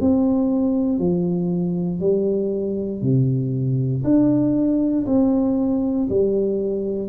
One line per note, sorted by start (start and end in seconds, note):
0.00 0.98 C4
0.98 2.00 F3
2.00 3.01 G3
3.01 4.03 C3
4.04 5.05 D4
5.06 6.07 C4
6.09 7.09 G3